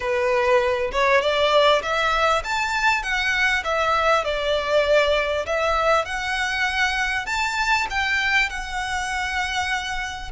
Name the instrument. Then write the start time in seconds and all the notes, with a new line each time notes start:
violin
0.00 B4
0.91 C#5
1.21 D5
1.82 E5
2.44 A5
3.02 F#5
3.64 E5
4.24 D5
5.45 E5
6.05 F#5
7.26 A5
7.90 G5
8.49 F#5